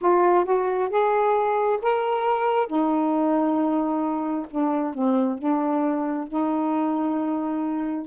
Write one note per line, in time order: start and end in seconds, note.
0.01 0.44 F4
0.44 0.89 F#4
0.89 1.79 G#4
1.82 2.67 A#4
2.67 4.46 D#4
4.50 4.93 D4
4.93 5.38 C4
5.38 6.27 D4
6.27 8.06 D#4